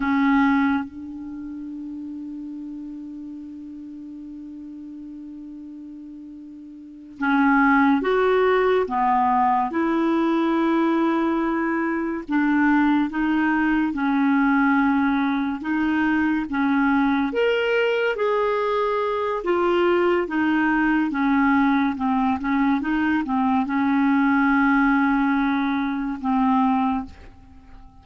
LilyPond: \new Staff \with { instrumentName = "clarinet" } { \time 4/4 \tempo 4 = 71 cis'4 d'2.~ | d'1~ | d'8 cis'4 fis'4 b4 e'8~ | e'2~ e'8 d'4 dis'8~ |
dis'8 cis'2 dis'4 cis'8~ | cis'8 ais'4 gis'4. f'4 | dis'4 cis'4 c'8 cis'8 dis'8 c'8 | cis'2. c'4 | }